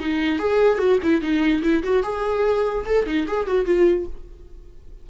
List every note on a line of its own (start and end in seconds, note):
0.00 0.39 D#4
0.39 0.79 G#4
0.79 0.99 F#4
1.04 1.22 E4
1.22 1.63 D#4
1.63 1.83 E4
1.84 2.04 F#4
2.04 2.85 G#4
2.86 3.07 A4
3.07 3.27 D#4
3.28 3.48 G#4
3.48 3.66 F#4
3.66 4.07 F4